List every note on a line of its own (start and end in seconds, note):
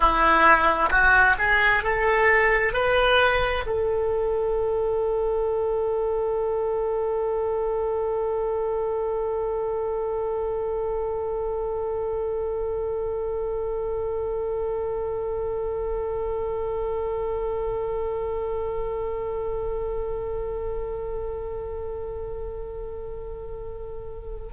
0.00 0.90 E4
0.90 1.36 F#4
1.38 1.83 G#4
1.83 2.73 A4
2.73 3.64 B4
3.66 24.52 A4